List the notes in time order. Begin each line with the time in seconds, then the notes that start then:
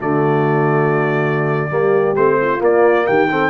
0.00 D3 A3 F#4 D5
1.70 G3 A#3 G4
2.16 A3 C4 C5
2.41 F4
2.60 A#3 D5
3.07 D#3 G4 G5
3.32 C4 A4